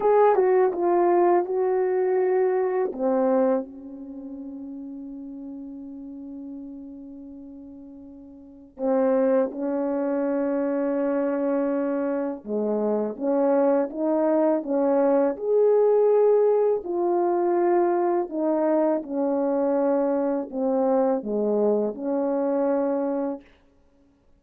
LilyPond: \new Staff \with { instrumentName = "horn" } { \time 4/4 \tempo 4 = 82 gis'8 fis'8 f'4 fis'2 | c'4 cis'2.~ | cis'1 | c'4 cis'2.~ |
cis'4 gis4 cis'4 dis'4 | cis'4 gis'2 f'4~ | f'4 dis'4 cis'2 | c'4 gis4 cis'2 | }